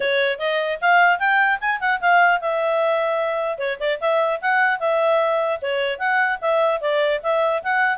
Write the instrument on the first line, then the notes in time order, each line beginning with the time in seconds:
clarinet
0.00 C#5
0.39 D#5
0.81 F5
1.19 G5
1.60 G#5
1.80 F#5
2.00 F5
2.41 E5
3.58 C#5
3.79 D5
4.00 E5
4.41 F#5
4.79 E5
5.61 C#5
5.99 F#5
6.41 E5
6.80 D5
7.23 E5
7.63 F#5